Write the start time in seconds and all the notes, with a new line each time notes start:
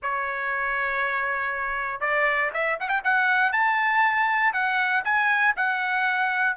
0.02 C#5
2.00 D5
2.53 E5
2.80 F#5
2.89 G5
3.03 F#5
3.52 A5
4.53 F#5
5.04 G#5
5.56 F#5